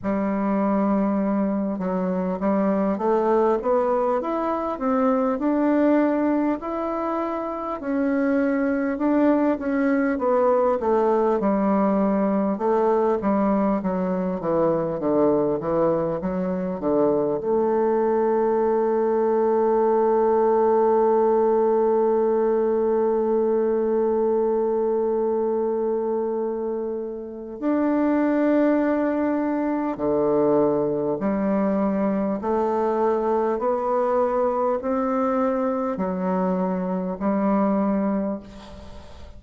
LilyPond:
\new Staff \with { instrumentName = "bassoon" } { \time 4/4 \tempo 4 = 50 g4. fis8 g8 a8 b8 e'8 | c'8 d'4 e'4 cis'4 d'8 | cis'8 b8 a8 g4 a8 g8 fis8 | e8 d8 e8 fis8 d8 a4.~ |
a1~ | a2. d'4~ | d'4 d4 g4 a4 | b4 c'4 fis4 g4 | }